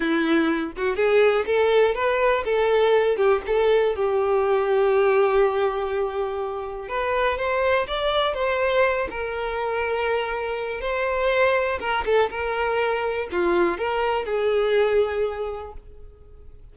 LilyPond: \new Staff \with { instrumentName = "violin" } { \time 4/4 \tempo 4 = 122 e'4. fis'8 gis'4 a'4 | b'4 a'4. g'8 a'4 | g'1~ | g'2 b'4 c''4 |
d''4 c''4. ais'4.~ | ais'2 c''2 | ais'8 a'8 ais'2 f'4 | ais'4 gis'2. | }